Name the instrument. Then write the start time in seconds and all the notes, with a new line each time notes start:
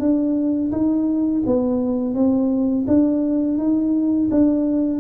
tuba
0.00 D4
0.72 D#4
1.46 B3
2.15 C4
2.87 D4
3.58 D#4
4.31 D4